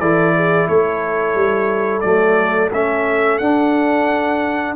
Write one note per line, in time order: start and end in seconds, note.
0.00 0.68 E3
0.00 2.03 E4
0.00 0.35 A4
0.00 0.68 D5
0.36 0.69 G#4
0.68 1.35 A3
0.68 4.76 A4
0.68 2.01 C#5
1.35 2.03 G3
2.01 2.72 F#3
2.01 2.72 A3
2.01 2.69 D5
2.72 3.40 A3
2.72 3.41 C#4
2.72 3.39 E5
3.39 4.76 D4
3.39 4.75 F#5